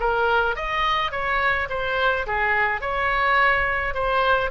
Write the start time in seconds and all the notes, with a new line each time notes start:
0.00 A#4
0.56 D#5
1.11 C#5
1.70 C5
2.27 G#4
2.81 C#5
3.94 C5